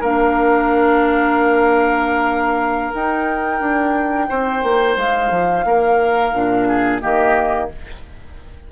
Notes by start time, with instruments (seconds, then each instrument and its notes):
0.00 bassoon A#3, clarinet D4, oboe A#4, flute F5
2.93 clarinet D#4, bassoon D#4, flute G5
3.60 bassoon D4
4.29 bassoon C4, oboe C5
4.63 bassoon A#3
4.96 bassoon G#3, flute F5
5.30 bassoon F3
5.64 bassoon A#3, oboe A#4
6.33 bassoon A#2, clarinet D4
6.68 oboe G#4
7.00 bassoon D#3, clarinet A#3, oboe G4, flute D#5